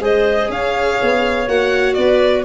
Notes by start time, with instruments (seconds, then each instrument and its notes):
0.00 tuba G#3, viola G#4, clarinet C5, violin D#5
0.49 tuba C#4, clarinet C#5, violin F5
1.02 tuba B3
1.48 tuba A#3, viola F#4, violin F#5
1.95 tuba B3, clarinet B4, violin D5